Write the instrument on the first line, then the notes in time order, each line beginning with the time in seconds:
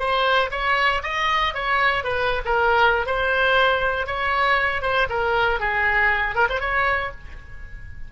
oboe
0.00 C5
0.52 C#5
1.04 D#5
1.55 C#5
2.04 B4
2.45 A#4
3.06 C5
4.07 C#5
4.82 C5
5.10 A#4
5.60 G#4
6.36 A#4
6.50 C5
6.61 C#5